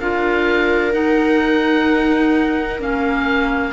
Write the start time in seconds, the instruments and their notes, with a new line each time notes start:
0.00 cello D4, clarinet F4, viola A#4, oboe F5
0.93 clarinet D#4, cello D#4, oboe F#5
2.80 cello A#3, clarinet C#4, oboe F5